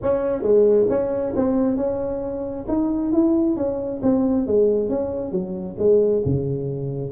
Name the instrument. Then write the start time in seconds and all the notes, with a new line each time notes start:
tuba
0.02 C#4
0.42 G#3
0.89 C#4
1.35 C4
1.76 C#4
2.67 D#4
3.12 E4
3.56 C#4
4.02 C4
4.46 G#3
4.89 C#4
5.31 F#3
5.78 G#3
6.25 C#3